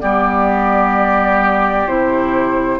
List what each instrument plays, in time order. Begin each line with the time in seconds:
0.00 bassoon G3, clarinet B3, oboe G4, flute D5
1.86 bassoon C3, clarinet E4, flute C5